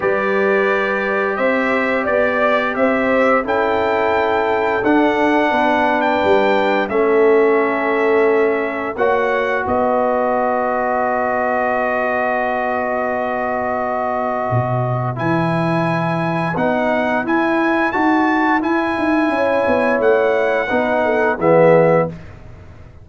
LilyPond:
<<
  \new Staff \with { instrumentName = "trumpet" } { \time 4/4 \tempo 4 = 87 d''2 e''4 d''4 | e''4 g''2 fis''4~ | fis''8. g''4~ g''16 e''2~ | e''4 fis''4 dis''2~ |
dis''1~ | dis''2 gis''2 | fis''4 gis''4 a''4 gis''4~ | gis''4 fis''2 e''4 | }
  \new Staff \with { instrumentName = "horn" } { \time 4/4 b'2 c''4 d''4 | c''4 a'2. | b'2 a'2~ | a'4 cis''4 b'2~ |
b'1~ | b'1~ | b'1 | cis''2 b'8 a'8 gis'4 | }
  \new Staff \with { instrumentName = "trombone" } { \time 4/4 g'1~ | g'4 e'2 d'4~ | d'2 cis'2~ | cis'4 fis'2.~ |
fis'1~ | fis'2 e'2 | dis'4 e'4 fis'4 e'4~ | e'2 dis'4 b4 | }
  \new Staff \with { instrumentName = "tuba" } { \time 4/4 g2 c'4 b4 | c'4 cis'2 d'4 | b4 g4 a2~ | a4 ais4 b2~ |
b1~ | b4 b,4 e2 | b4 e'4 dis'4 e'8 dis'8 | cis'8 b8 a4 b4 e4 | }
>>